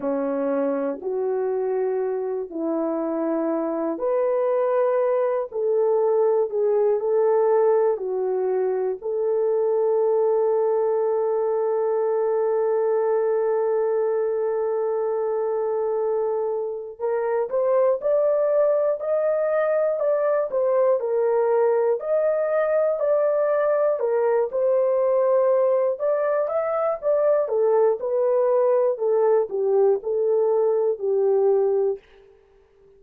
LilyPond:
\new Staff \with { instrumentName = "horn" } { \time 4/4 \tempo 4 = 60 cis'4 fis'4. e'4. | b'4. a'4 gis'8 a'4 | fis'4 a'2.~ | a'1~ |
a'4 ais'8 c''8 d''4 dis''4 | d''8 c''8 ais'4 dis''4 d''4 | ais'8 c''4. d''8 e''8 d''8 a'8 | b'4 a'8 g'8 a'4 g'4 | }